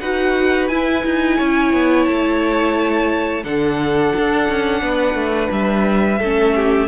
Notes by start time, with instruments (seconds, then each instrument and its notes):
0.00 cello D#4, viola F#4, violin B4 F#5
0.68 cello E4, viola E4, violin G#5
1.06 cello D#4
1.38 cello C#4, violin C#5
1.73 cello B3
2.05 cello A3, violin A5
3.44 cello D3, viola D4, violin A4 F#5
4.17 cello D4
4.49 cello C#4
4.82 cello B3, violin B4
5.14 cello A3
5.51 cello G3, violin E5
6.19 cello A3, viola C#4, violin A4
6.55 violin G4